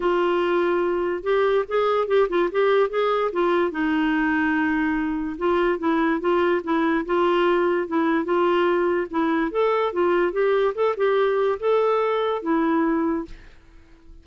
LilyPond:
\new Staff \with { instrumentName = "clarinet" } { \time 4/4 \tempo 4 = 145 f'2. g'4 | gis'4 g'8 f'8 g'4 gis'4 | f'4 dis'2.~ | dis'4 f'4 e'4 f'4 |
e'4 f'2 e'4 | f'2 e'4 a'4 | f'4 g'4 a'8 g'4. | a'2 e'2 | }